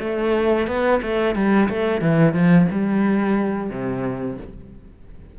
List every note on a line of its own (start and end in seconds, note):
0.00 0.67 A3
0.67 1.01 B3
1.03 1.35 A3
1.35 1.69 G3
1.69 2.02 A3
2.02 2.34 E3
2.34 2.68 F3
2.71 3.70 G3
3.70 4.38 C3